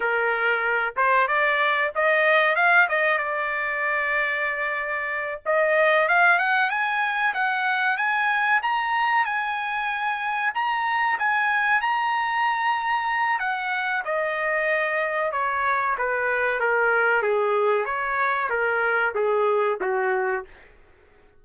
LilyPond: \new Staff \with { instrumentName = "trumpet" } { \time 4/4 \tempo 4 = 94 ais'4. c''8 d''4 dis''4 | f''8 dis''8 d''2.~ | d''8 dis''4 f''8 fis''8 gis''4 fis''8~ | fis''8 gis''4 ais''4 gis''4.~ |
gis''8 ais''4 gis''4 ais''4.~ | ais''4 fis''4 dis''2 | cis''4 b'4 ais'4 gis'4 | cis''4 ais'4 gis'4 fis'4 | }